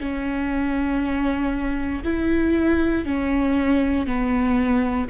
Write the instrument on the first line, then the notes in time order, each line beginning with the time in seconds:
viola
0.00 C#4
2.04 E4
3.06 C#4
4.07 B3